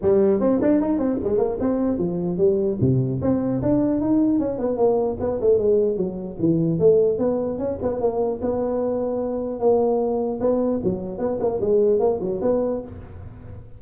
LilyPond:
\new Staff \with { instrumentName = "tuba" } { \time 4/4 \tempo 4 = 150 g4 c'8 d'8 dis'8 c'8 gis8 ais8 | c'4 f4 g4 c4 | c'4 d'4 dis'4 cis'8 b8 | ais4 b8 a8 gis4 fis4 |
e4 a4 b4 cis'8 b8 | ais4 b2. | ais2 b4 fis4 | b8 ais8 gis4 ais8 fis8 b4 | }